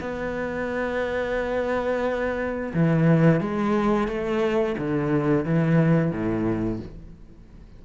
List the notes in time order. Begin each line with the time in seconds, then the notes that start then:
0.00 B3
2.74 E3
3.40 G#3
4.07 A3
4.78 D3
5.45 E3
6.11 A2